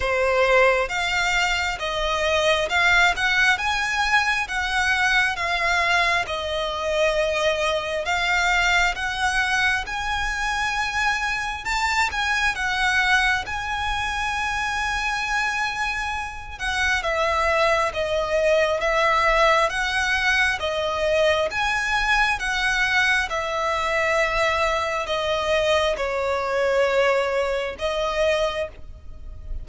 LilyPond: \new Staff \with { instrumentName = "violin" } { \time 4/4 \tempo 4 = 67 c''4 f''4 dis''4 f''8 fis''8 | gis''4 fis''4 f''4 dis''4~ | dis''4 f''4 fis''4 gis''4~ | gis''4 a''8 gis''8 fis''4 gis''4~ |
gis''2~ gis''8 fis''8 e''4 | dis''4 e''4 fis''4 dis''4 | gis''4 fis''4 e''2 | dis''4 cis''2 dis''4 | }